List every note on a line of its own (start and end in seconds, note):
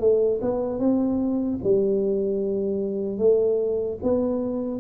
0.00 0.40 A3
0.41 0.79 B3
0.79 1.59 C4
1.64 3.18 G3
3.18 3.98 A3
4.03 4.80 B3